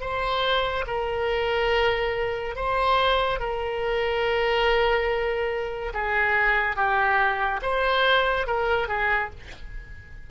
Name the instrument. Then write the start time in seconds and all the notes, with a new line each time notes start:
oboe
0.00 C5
0.86 A#4
2.55 C5
3.39 A#4
5.93 G#4
6.76 G4
7.62 C5
8.46 A#4
8.88 G#4